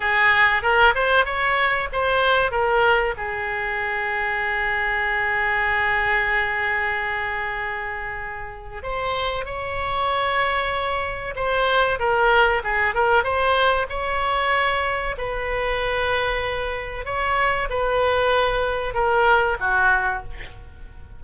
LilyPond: \new Staff \with { instrumentName = "oboe" } { \time 4/4 \tempo 4 = 95 gis'4 ais'8 c''8 cis''4 c''4 | ais'4 gis'2.~ | gis'1~ | gis'2 c''4 cis''4~ |
cis''2 c''4 ais'4 | gis'8 ais'8 c''4 cis''2 | b'2. cis''4 | b'2 ais'4 fis'4 | }